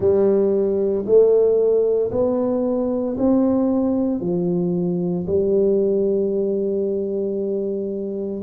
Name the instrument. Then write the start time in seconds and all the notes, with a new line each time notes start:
tuba
0.00 G3
1.05 A3
2.11 B3
3.17 C4
4.20 F3
5.26 G3